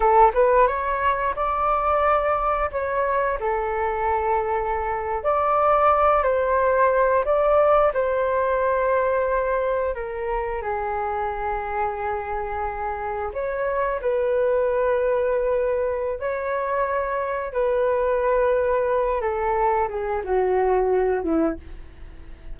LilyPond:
\new Staff \with { instrumentName = "flute" } { \time 4/4 \tempo 4 = 89 a'8 b'8 cis''4 d''2 | cis''4 a'2~ a'8. d''16~ | d''4~ d''16 c''4. d''4 c''16~ | c''2~ c''8. ais'4 gis'16~ |
gis'2.~ gis'8. cis''16~ | cis''8. b'2.~ b'16 | cis''2 b'2~ | b'8 a'4 gis'8 fis'4. e'8 | }